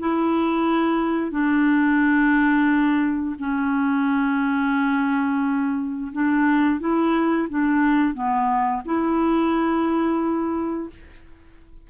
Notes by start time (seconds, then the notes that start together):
0.00 E4
1.32 D4
3.39 C#4
6.13 D4
6.81 E4
7.50 D4
8.14 B3
8.86 E4